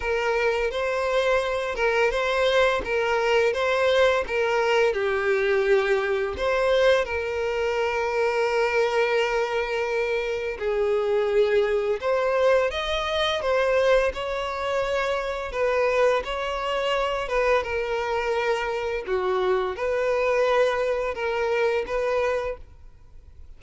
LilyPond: \new Staff \with { instrumentName = "violin" } { \time 4/4 \tempo 4 = 85 ais'4 c''4. ais'8 c''4 | ais'4 c''4 ais'4 g'4~ | g'4 c''4 ais'2~ | ais'2. gis'4~ |
gis'4 c''4 dis''4 c''4 | cis''2 b'4 cis''4~ | cis''8 b'8 ais'2 fis'4 | b'2 ais'4 b'4 | }